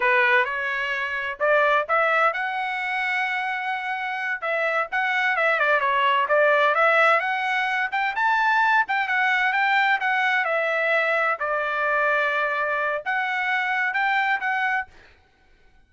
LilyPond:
\new Staff \with { instrumentName = "trumpet" } { \time 4/4 \tempo 4 = 129 b'4 cis''2 d''4 | e''4 fis''2.~ | fis''4. e''4 fis''4 e''8 | d''8 cis''4 d''4 e''4 fis''8~ |
fis''4 g''8 a''4. g''8 fis''8~ | fis''8 g''4 fis''4 e''4.~ | e''8 d''2.~ d''8 | fis''2 g''4 fis''4 | }